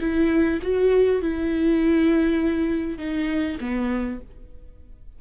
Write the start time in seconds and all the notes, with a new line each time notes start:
0.00 E4
0.62 F#4
1.22 E4
2.98 D#4
3.60 B3